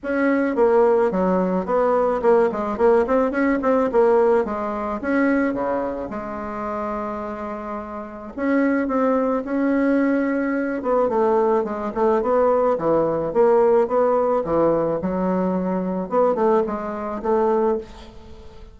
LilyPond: \new Staff \with { instrumentName = "bassoon" } { \time 4/4 \tempo 4 = 108 cis'4 ais4 fis4 b4 | ais8 gis8 ais8 c'8 cis'8 c'8 ais4 | gis4 cis'4 cis4 gis4~ | gis2. cis'4 |
c'4 cis'2~ cis'8 b8 | a4 gis8 a8 b4 e4 | ais4 b4 e4 fis4~ | fis4 b8 a8 gis4 a4 | }